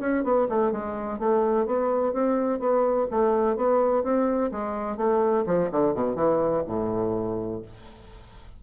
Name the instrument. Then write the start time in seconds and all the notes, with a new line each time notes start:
bassoon
0.00 C#4
0.24 B3
0.49 A3
0.72 G#3
1.19 A3
1.66 B3
2.13 C4
2.60 B3
3.11 A3
3.56 B3
4.04 C4
4.52 G#3
4.97 A3
5.46 F3
5.71 D3
5.94 B2
6.16 E3
6.66 A2